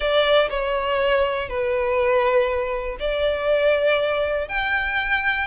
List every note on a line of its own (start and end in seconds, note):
0.00 0.49 D5
0.49 1.48 C#5
1.49 2.97 B4
2.99 4.48 D5
4.48 5.47 G5